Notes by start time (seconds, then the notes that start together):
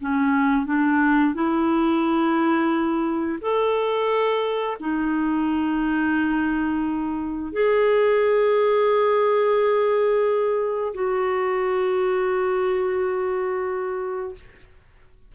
0.00 C#4
0.66 D4
1.34 E4
3.41 A4
4.79 D#4
7.52 G#4
10.93 F#4